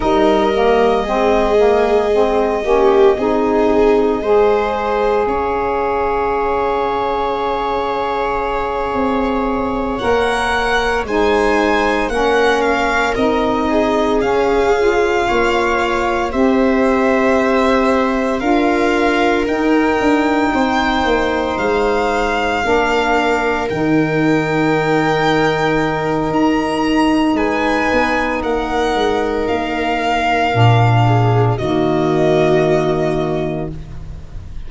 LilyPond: <<
  \new Staff \with { instrumentName = "violin" } { \time 4/4 \tempo 4 = 57 dis''1~ | dis''4 f''2.~ | f''4. fis''4 gis''4 fis''8 | f''8 dis''4 f''2 e''8~ |
e''4. f''4 g''4.~ | g''8 f''2 g''4.~ | g''4 ais''4 gis''4 fis''4 | f''2 dis''2 | }
  \new Staff \with { instrumentName = "viola" } { \time 4/4 ais'4 gis'4. g'8 gis'4 | c''4 cis''2.~ | cis''2~ cis''8 c''4 ais'8~ | ais'4 gis'4. cis''4 c''8~ |
c''4. ais'2 c''8~ | c''4. ais'2~ ais'8~ | ais'2 b'4 ais'4~ | ais'4. gis'8 fis'2 | }
  \new Staff \with { instrumentName = "saxophone" } { \time 4/4 dis'8 ais8 c'8 ais8 c'8 cis'8 dis'4 | gis'1~ | gis'4. ais'4 dis'4 cis'8~ | cis'8 dis'4 cis'8 f'4. g'8~ |
g'4. f'4 dis'4.~ | dis'4. d'4 dis'4.~ | dis'1~ | dis'4 d'4 ais2 | }
  \new Staff \with { instrumentName = "tuba" } { \time 4/4 g4 gis4. ais8 c'4 | gis4 cis'2.~ | cis'8 c'4 ais4 gis4 ais8~ | ais8 c'4 cis'4 ais4 c'8~ |
c'4. d'4 dis'8 d'8 c'8 | ais8 gis4 ais4 dis4.~ | dis4 dis'4 gis8 b8 ais8 gis8 | ais4 ais,4 dis2 | }
>>